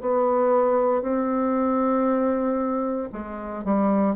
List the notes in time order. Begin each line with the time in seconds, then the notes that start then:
0.00 B3
1.02 C4
3.12 G#3
3.64 G3